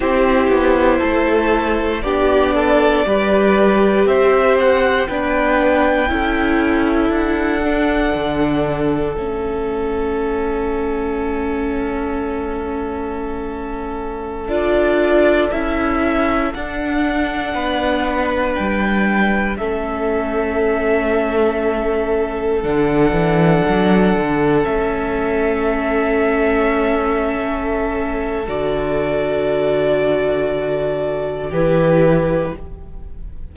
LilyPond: <<
  \new Staff \with { instrumentName = "violin" } { \time 4/4 \tempo 4 = 59 c''2 d''2 | e''8 fis''8 g''2 fis''4~ | fis''4 e''2.~ | e''2~ e''16 d''4 e''8.~ |
e''16 fis''2 g''4 e''8.~ | e''2~ e''16 fis''4.~ fis''16~ | fis''16 e''2.~ e''8. | d''2. b'4 | }
  \new Staff \with { instrumentName = "violin" } { \time 4/4 g'4 a'4 g'8 a'8 b'4 | c''4 b'4 a'2~ | a'1~ | a'1~ |
a'4~ a'16 b'2 a'8.~ | a'1~ | a'1~ | a'2. g'4 | }
  \new Staff \with { instrumentName = "viola" } { \time 4/4 e'2 d'4 g'4~ | g'4 d'4 e'4. d'8~ | d'4 cis'2.~ | cis'2~ cis'16 f'4 e'8.~ |
e'16 d'2. cis'8.~ | cis'2~ cis'16 d'4.~ d'16~ | d'16 cis'2.~ cis'8. | fis'2. e'4 | }
  \new Staff \with { instrumentName = "cello" } { \time 4/4 c'8 b8 a4 b4 g4 | c'4 b4 cis'4 d'4 | d4 a2.~ | a2~ a16 d'4 cis'8.~ |
cis'16 d'4 b4 g4 a8.~ | a2~ a16 d8 e8 fis8 d16~ | d16 a2.~ a8. | d2. e4 | }
>>